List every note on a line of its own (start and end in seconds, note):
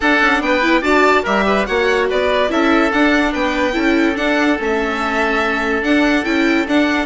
0.00 0.21 D4
0.00 0.62 D4
0.00 0.41 A4
0.00 0.42 F#5
0.21 0.41 C#4
0.41 0.81 B3
0.41 0.81 B4
0.41 0.83 G5
0.62 0.82 E4
0.81 1.23 D4
0.81 1.23 F#4
0.81 1.23 D5
0.81 1.24 A5
1.23 1.67 G3
1.23 1.66 G4
1.23 1.43 A#4
1.23 1.66 E5
1.46 1.67 B4
1.66 2.10 A#3
1.66 2.48 F#4
1.66 2.08 C#5
1.66 2.07 F#5
2.08 2.49 B3
2.08 2.50 B4
2.08 2.51 D5
2.48 2.91 C#4
2.48 2.90 E4
2.48 3.32 A4
2.48 2.91 E5
2.91 3.72 D4
2.91 3.34 D4
2.91 3.33 F#5
3.32 3.75 B3
3.32 3.73 B4
3.32 4.16 G5
3.72 4.16 C#4
3.72 4.14 E4
3.72 7.06 A4
4.15 4.56 D4
4.15 4.58 D4
4.15 4.58 F#5
4.58 5.83 A3
4.58 5.82 C#4
4.58 5.83 E5
5.82 6.23 D4
5.82 6.24 D4
5.82 6.24 F#5
6.24 6.66 C#4
6.24 6.65 E4
6.24 6.66 G5
6.67 7.06 D4
6.67 7.06 F#5